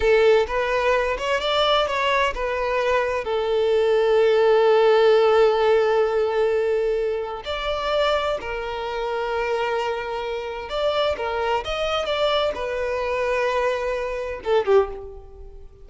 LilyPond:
\new Staff \with { instrumentName = "violin" } { \time 4/4 \tempo 4 = 129 a'4 b'4. cis''8 d''4 | cis''4 b'2 a'4~ | a'1~ | a'1 |
d''2 ais'2~ | ais'2. d''4 | ais'4 dis''4 d''4 b'4~ | b'2. a'8 g'8 | }